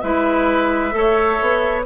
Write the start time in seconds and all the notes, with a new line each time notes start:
0.00 G#3 E4 B4 E5
0.91 A3 A4 C#5
1.41 B3